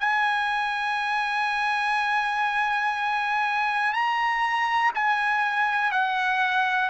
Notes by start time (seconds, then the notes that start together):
0.00 G#5
3.93 A#5
4.95 G#5
5.92 F#5